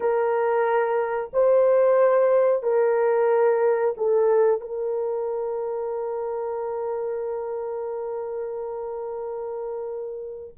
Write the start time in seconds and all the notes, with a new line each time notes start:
0.00 A#4
1.33 C5
2.63 A#4
3.97 A4
4.60 A#4